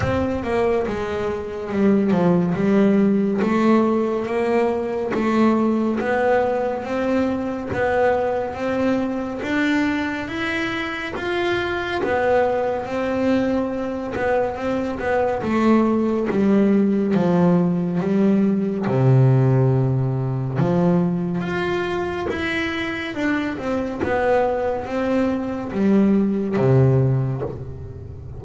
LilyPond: \new Staff \with { instrumentName = "double bass" } { \time 4/4 \tempo 4 = 70 c'8 ais8 gis4 g8 f8 g4 | a4 ais4 a4 b4 | c'4 b4 c'4 d'4 | e'4 f'4 b4 c'4~ |
c'8 b8 c'8 b8 a4 g4 | f4 g4 c2 | f4 f'4 e'4 d'8 c'8 | b4 c'4 g4 c4 | }